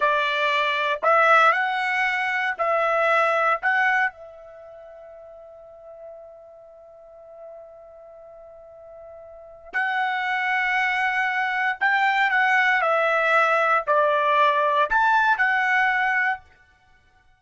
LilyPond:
\new Staff \with { instrumentName = "trumpet" } { \time 4/4 \tempo 4 = 117 d''2 e''4 fis''4~ | fis''4 e''2 fis''4 | e''1~ | e''1~ |
e''2. fis''4~ | fis''2. g''4 | fis''4 e''2 d''4~ | d''4 a''4 fis''2 | }